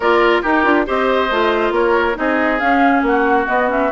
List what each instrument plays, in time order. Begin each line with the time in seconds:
0.00 bassoon A#3, clarinet F4, oboe A#4, flute D5
0.42 clarinet D#4, bassoon D#4, oboe G4, flute A#4
0.63 bassoon D4, clarinet F4
0.86 bassoon C4, clarinet G4, oboe C5, flute D#5
1.30 bassoon A3, clarinet F4
1.70 bassoon A#3, oboe A#4, flute C#5
2.14 bassoon C4, clarinet D#4, oboe G#4, flute D#5
2.59 bassoon C#4, clarinet C#4, flute F5
3.02 bassoon A#3, flute F#5
3.08 oboe F#4
3.47 clarinet B3, bassoon B3, flute D#5
3.68 clarinet C#4, flute E5